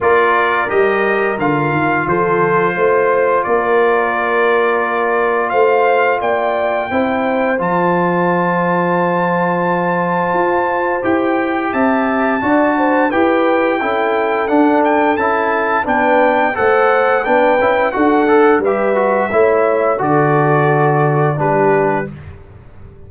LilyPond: <<
  \new Staff \with { instrumentName = "trumpet" } { \time 4/4 \tempo 4 = 87 d''4 dis''4 f''4 c''4~ | c''4 d''2. | f''4 g''2 a''4~ | a''1 |
g''4 a''2 g''4~ | g''4 fis''8 g''8 a''4 g''4 | fis''4 g''4 fis''4 e''4~ | e''4 d''2 b'4 | }
  \new Staff \with { instrumentName = "horn" } { \time 4/4 ais'2. a'4 | c''4 ais'2. | c''4 d''4 c''2~ | c''1~ |
c''4 e''4 d''8 c''8 b'4 | a'2. b'4 | c''4 b'4 a'4 b'4 | cis''4 a'2 g'4 | }
  \new Staff \with { instrumentName = "trombone" } { \time 4/4 f'4 g'4 f'2~ | f'1~ | f'2 e'4 f'4~ | f'1 |
g'2 fis'4 g'4 | e'4 d'4 e'4 d'4 | a'4 d'8 e'8 fis'8 a'8 g'8 fis'8 | e'4 fis'2 d'4 | }
  \new Staff \with { instrumentName = "tuba" } { \time 4/4 ais4 g4 d8 dis8 f4 | a4 ais2. | a4 ais4 c'4 f4~ | f2. f'4 |
e'4 c'4 d'4 e'4 | cis'4 d'4 cis'4 b4 | a4 b8 cis'8 d'4 g4 | a4 d2 g4 | }
>>